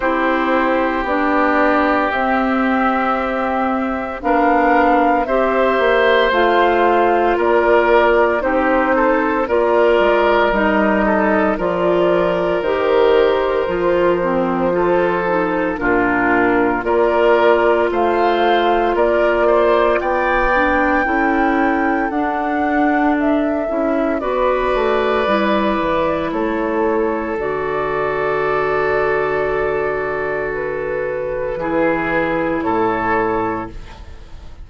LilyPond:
<<
  \new Staff \with { instrumentName = "flute" } { \time 4/4 \tempo 4 = 57 c''4 d''4 e''2 | f''4 e''4 f''4 d''4 | c''4 d''4 dis''4 d''4 | c''2. ais'4 |
d''4 f''4 d''4 g''4~ | g''4 fis''4 e''4 d''4~ | d''4 cis''4 d''2~ | d''4 b'2 cis''4 | }
  \new Staff \with { instrumentName = "oboe" } { \time 4/4 g'1 | ais'4 c''2 ais'4 | g'8 a'8 ais'4. a'8 ais'4~ | ais'2 a'4 f'4 |
ais'4 c''4 ais'8 c''8 d''4 | a'2. b'4~ | b'4 a'2.~ | a'2 gis'4 a'4 | }
  \new Staff \with { instrumentName = "clarinet" } { \time 4/4 e'4 d'4 c'2 | d'4 g'4 f'2 | dis'4 f'4 dis'4 f'4 | g'4 f'8 c'8 f'8 dis'8 d'4 |
f'2.~ f'8 d'8 | e'4 d'4. e'8 fis'4 | e'2 fis'2~ | fis'2 e'2 | }
  \new Staff \with { instrumentName = "bassoon" } { \time 4/4 c'4 b4 c'2 | b4 c'8 ais8 a4 ais4 | c'4 ais8 gis8 g4 f4 | dis4 f2 ais,4 |
ais4 a4 ais4 b4 | cis'4 d'4. cis'8 b8 a8 | g8 e8 a4 d2~ | d2 e4 a,4 | }
>>